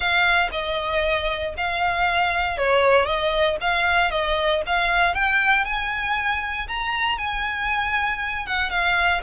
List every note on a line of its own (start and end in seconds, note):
0.00 0.49 F5
0.51 1.54 D#5
1.57 2.57 F5
2.57 3.05 C#5
3.05 3.56 D#5
3.61 4.10 F5
4.10 4.62 D#5
4.66 5.14 F5
5.14 5.64 G5
5.64 6.67 G#5
6.68 7.18 A#5
7.18 8.46 G#5
8.46 8.69 F#5
8.69 9.21 F5